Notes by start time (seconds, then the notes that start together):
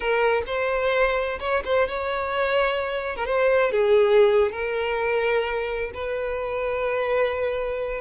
0.00 A#4
0.46 C5
1.39 C#5
1.64 C5
1.88 C#5
3.16 A#4
3.26 C5
3.71 G#4
4.51 A#4
5.94 B4